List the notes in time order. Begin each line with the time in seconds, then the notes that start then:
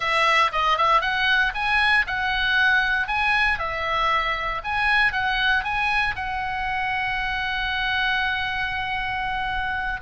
0.00 E5
0.52 D#5
0.77 E5
1.01 F#5
1.54 G#5
2.06 F#5
3.07 G#5
3.59 E5
4.64 G#5
5.12 F#5
5.64 G#5
6.15 F#5